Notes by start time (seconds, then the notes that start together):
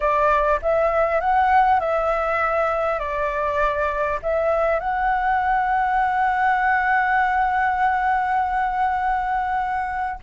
0.00 D5
0.62 E5
1.20 F#5
1.79 E5
2.99 D5
4.22 E5
4.79 F#5